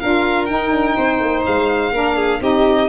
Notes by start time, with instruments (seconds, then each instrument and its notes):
0.00 tuba D4, saxophone F4, violin A#4 F5
0.46 saxophone D#4, tuba D#4, violin G5
0.72 tuba D4
0.96 tuba C4, violin C5
1.20 tuba A#3
1.46 tuba G#3, violin F5
1.92 tuba A#3, saxophone D4, violin A#4
2.16 violin G#4
2.40 tuba C4, saxophone D#4, violin G4 D#5